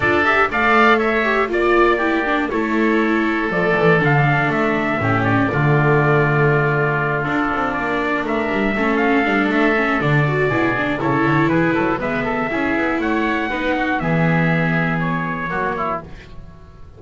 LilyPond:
<<
  \new Staff \with { instrumentName = "trumpet" } { \time 4/4 \tempo 4 = 120 d''8 e''8 f''4 e''4 d''4~ | d''4 cis''2 d''4 | f''4 e''4. d''4.~ | d''2~ d''8 a'4 d''8~ |
d''8 e''4. f''4 e''4 | d''2 cis''4 b'4 | e''2 fis''2 | e''2 cis''2 | }
  \new Staff \with { instrumentName = "oboe" } { \time 4/4 a'4 d''4 cis''4 d''4 | g'4 a'2.~ | a'2 g'4 f'4~ | f'1~ |
f'8 ais'4 a'2~ a'8~ | a'4 gis'4 a'4 gis'8 a'8 | b'8 a'8 gis'4 cis''4 b'8 fis'8 | gis'2. fis'8 e'8 | }
  \new Staff \with { instrumentName = "viola" } { \time 4/4 f'8 g'8 a'4. g'8 f'4 | e'8 d'8 e'2 a4 | d'2 cis'4 a4~ | a2~ a8 d'4.~ |
d'4. cis'4 d'4 cis'8 | d'8 fis'8 e'8 d'8 e'2 | b4 e'2 dis'4 | b2. ais4 | }
  \new Staff \with { instrumentName = "double bass" } { \time 4/4 d'4 a2 ais4~ | ais4 a2 f8 e8 | d4 a4 a,4 d4~ | d2~ d8 d'8 c'8 ais8~ |
ais8 a8 g8 a4 g8 a4 | d4 b,4 cis8 d8 e8 fis8 | gis4 cis'8 b8 a4 b4 | e2. fis4 | }
>>